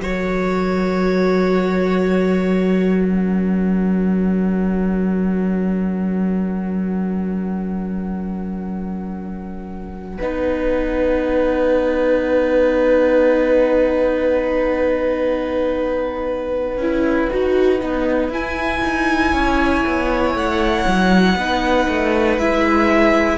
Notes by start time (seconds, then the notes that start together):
0.00 F#3 F#4 A#4 C#5
3.04 C#4 F#5
10.18 B3 D#4 B4
16.78 C#4 E4
17.31 D#4 F#4
17.80 B3 D#4
18.29 E4 G#5
18.84 D#4
19.32 C#4 C#5
19.87 B3
20.35 A3 F#5
20.87 F#3
21.35 B3 D#4 B4
21.88 A3
22.38 G#3 E4 E5